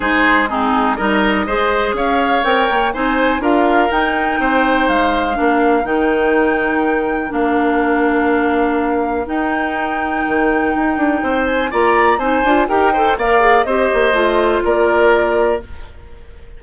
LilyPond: <<
  \new Staff \with { instrumentName = "flute" } { \time 4/4 \tempo 4 = 123 c''4 gis'4 dis''2 | f''4 g''4 gis''4 f''4 | g''2 f''2 | g''2. f''4~ |
f''2. g''4~ | g''2.~ g''8 gis''8 | ais''4 gis''4 g''4 f''4 | dis''2 d''2 | }
  \new Staff \with { instrumentName = "oboe" } { \time 4/4 gis'4 dis'4 ais'4 c''4 | cis''2 c''4 ais'4~ | ais'4 c''2 ais'4~ | ais'1~ |
ais'1~ | ais'2. c''4 | d''4 c''4 ais'8 c''8 d''4 | c''2 ais'2 | }
  \new Staff \with { instrumentName = "clarinet" } { \time 4/4 dis'4 c'4 dis'4 gis'4~ | gis'4 ais'4 dis'4 f'4 | dis'2. d'4 | dis'2. d'4~ |
d'2. dis'4~ | dis'1 | f'4 dis'8 f'8 g'8 a'8 ais'8 gis'8 | g'4 f'2. | }
  \new Staff \with { instrumentName = "bassoon" } { \time 4/4 gis2 g4 gis4 | cis'4 c'8 ais8 c'4 d'4 | dis'4 c'4 gis4 ais4 | dis2. ais4~ |
ais2. dis'4~ | dis'4 dis4 dis'8 d'8 c'4 | ais4 c'8 d'8 dis'4 ais4 | c'8 ais8 a4 ais2 | }
>>